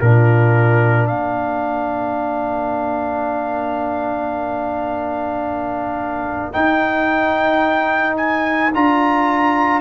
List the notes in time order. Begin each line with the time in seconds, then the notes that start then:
0.00 A#2 D4 F4 A#4
1.06 A#3 A#4 F5
6.52 D#4 G5
8.17 G#5
8.74 D4 F4 A#5